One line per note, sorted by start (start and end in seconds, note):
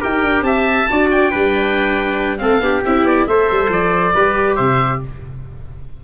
0.00 0.24 D#4
0.00 0.87 G4
0.00 0.44 A#4
0.00 0.44 G5
0.24 0.42 D4
0.42 0.85 C4
0.42 0.90 E5
0.42 1.09 A5
0.90 1.34 D4
0.90 1.32 F#4
0.90 1.31 D5
1.11 2.39 G5
1.31 2.43 G3
1.31 2.39 D4
1.31 2.40 B4
2.39 2.61 A3
2.39 2.60 C4
2.39 2.64 A4
2.39 2.82 F5
2.61 2.82 B3
2.61 2.83 D4
2.61 3.29 G4
2.86 3.04 C4
2.86 3.29 E4
2.86 3.06 E5
3.04 3.26 B3
3.04 3.27 D5
3.27 3.49 A3
3.27 4.16 A4
3.27 4.15 C5
3.27 3.71 E5
3.51 3.69 G3
3.69 4.13 F3
3.69 4.56 D5
4.15 4.59 G3
4.15 5.04 G4
4.15 4.56 B4
4.56 5.03 C3
4.56 5.00 C5
4.56 4.99 E5